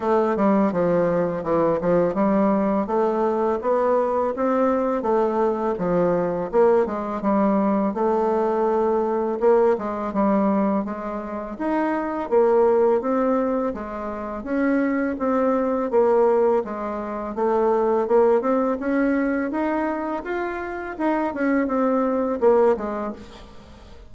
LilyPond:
\new Staff \with { instrumentName = "bassoon" } { \time 4/4 \tempo 4 = 83 a8 g8 f4 e8 f8 g4 | a4 b4 c'4 a4 | f4 ais8 gis8 g4 a4~ | a4 ais8 gis8 g4 gis4 |
dis'4 ais4 c'4 gis4 | cis'4 c'4 ais4 gis4 | a4 ais8 c'8 cis'4 dis'4 | f'4 dis'8 cis'8 c'4 ais8 gis8 | }